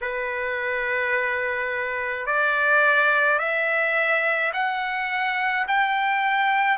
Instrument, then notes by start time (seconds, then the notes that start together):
trumpet
0.01 B4
2.26 D5
3.39 E5
4.53 F#5
5.67 G5